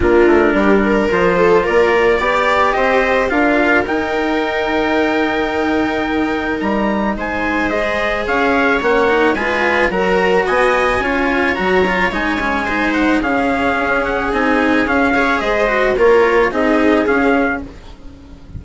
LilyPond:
<<
  \new Staff \with { instrumentName = "trumpet" } { \time 4/4 \tempo 4 = 109 ais'2 c''4 d''4~ | d''4 dis''4 f''4 g''4~ | g''1 | ais''4 gis''4 dis''4 f''4 |
fis''4 gis''4 ais''4 gis''4~ | gis''4 ais''4 gis''4. fis''8 | f''4. fis''8 gis''4 f''4 | dis''4 cis''4 dis''4 f''4 | }
  \new Staff \with { instrumentName = "viola" } { \time 4/4 f'4 g'8 ais'4 a'8 ais'4 | d''4 c''4 ais'2~ | ais'1~ | ais'4 c''2 cis''4~ |
cis''4 b'4 ais'4 dis''4 | cis''2. c''4 | gis'2.~ gis'8 cis''8 | c''4 ais'4 gis'2 | }
  \new Staff \with { instrumentName = "cello" } { \time 4/4 d'2 f'2 | g'2 f'4 dis'4~ | dis'1~ | dis'2 gis'2 |
cis'8 dis'8 f'4 fis'2 | f'4 fis'8 f'8 dis'8 cis'8 dis'4 | cis'2 dis'4 cis'8 gis'8~ | gis'8 fis'8 f'4 dis'4 cis'4 | }
  \new Staff \with { instrumentName = "bassoon" } { \time 4/4 ais8 a8 g4 f4 ais4 | b4 c'4 d'4 dis'4~ | dis'1 | g4 gis2 cis'4 |
ais4 gis4 fis4 b4 | cis'4 fis4 gis2 | cis4 cis'4 c'4 cis'4 | gis4 ais4 c'4 cis'4 | }
>>